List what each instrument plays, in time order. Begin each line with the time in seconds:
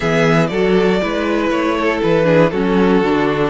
0.00 cello E3, viola B3, violin G#4 E5
0.46 cello F#3, violin A4 D5
0.54 viola F#4
1.01 cello G#3, viola E4, violin B4
1.50 cello A3, violin C#5
1.78 violin A4
2.02 cello E3, violin B4
2.24 viola D4, violin G#4
2.50 cello F#3, viola C#4, violin F#4 A4
3.02 cello D3, viola D4